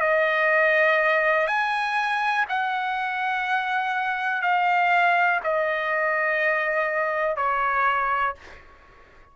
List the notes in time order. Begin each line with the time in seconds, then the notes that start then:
0.00 D#5
1.47 G#5
2.49 F#5
4.42 F5
5.44 D#5
7.37 C#5